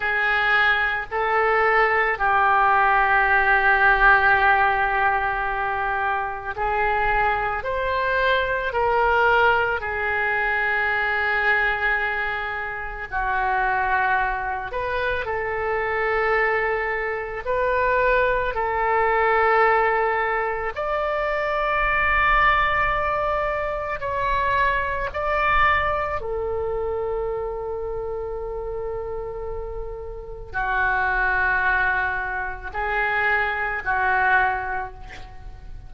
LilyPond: \new Staff \with { instrumentName = "oboe" } { \time 4/4 \tempo 4 = 55 gis'4 a'4 g'2~ | g'2 gis'4 c''4 | ais'4 gis'2. | fis'4. b'8 a'2 |
b'4 a'2 d''4~ | d''2 cis''4 d''4 | a'1 | fis'2 gis'4 fis'4 | }